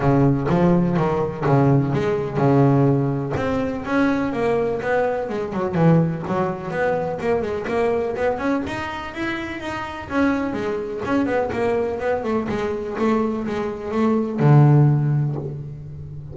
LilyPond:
\new Staff \with { instrumentName = "double bass" } { \time 4/4 \tempo 4 = 125 cis4 f4 dis4 cis4 | gis4 cis2 c'4 | cis'4 ais4 b4 gis8 fis8 | e4 fis4 b4 ais8 gis8 |
ais4 b8 cis'8 dis'4 e'4 | dis'4 cis'4 gis4 cis'8 b8 | ais4 b8 a8 gis4 a4 | gis4 a4 d2 | }